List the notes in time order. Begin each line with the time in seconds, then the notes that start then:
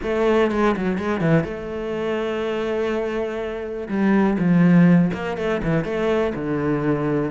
0.02 A3
0.51 G#3
0.76 F#3
0.98 G#3
1.21 E3
1.44 A3
3.88 G3
4.38 F3
5.13 A#3
5.37 A3
5.63 E3
5.84 A3
6.34 D3